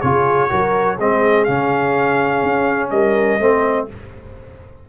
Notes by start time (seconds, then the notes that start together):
0.00 C#3 F4 G#4 C#5
0.49 F#3 F#4 A#4
0.95 G#3 C4 G#4 D#5
1.44 C#3 C#4 F5
2.43 C#4
2.90 G3 A#4 D#5
3.39 A3 C4 C5